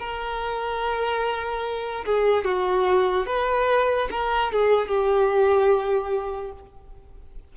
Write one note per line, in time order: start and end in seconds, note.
0.00 2.05 A#4
2.06 2.45 G#4
2.45 3.27 F#4
3.27 4.09 B4
4.12 4.53 A#4
4.53 4.88 G#4
4.88 6.53 G4